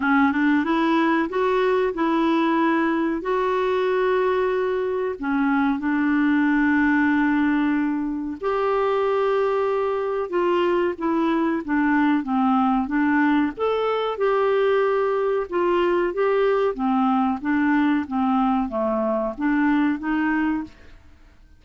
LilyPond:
\new Staff \with { instrumentName = "clarinet" } { \time 4/4 \tempo 4 = 93 cis'8 d'8 e'4 fis'4 e'4~ | e'4 fis'2. | cis'4 d'2.~ | d'4 g'2. |
f'4 e'4 d'4 c'4 | d'4 a'4 g'2 | f'4 g'4 c'4 d'4 | c'4 a4 d'4 dis'4 | }